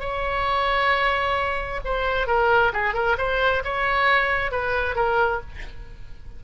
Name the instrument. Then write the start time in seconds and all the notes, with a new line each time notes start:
oboe
0.00 C#5
1.85 C5
2.27 A#4
2.73 G#4
2.94 A#4
3.18 C5
3.64 C#5
4.52 B4
4.95 A#4